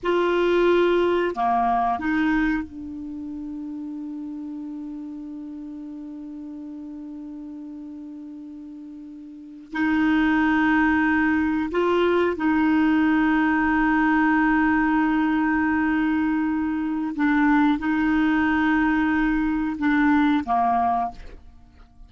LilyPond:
\new Staff \with { instrumentName = "clarinet" } { \time 4/4 \tempo 4 = 91 f'2 ais4 dis'4 | d'1~ | d'1~ | d'2~ d'8. dis'4~ dis'16~ |
dis'4.~ dis'16 f'4 dis'4~ dis'16~ | dis'1~ | dis'2 d'4 dis'4~ | dis'2 d'4 ais4 | }